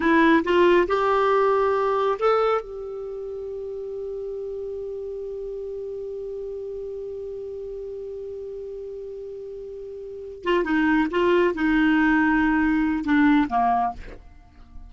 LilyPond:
\new Staff \with { instrumentName = "clarinet" } { \time 4/4 \tempo 4 = 138 e'4 f'4 g'2~ | g'4 a'4 g'2~ | g'1~ | g'1~ |
g'1~ | g'1 | f'8 dis'4 f'4 dis'4.~ | dis'2 d'4 ais4 | }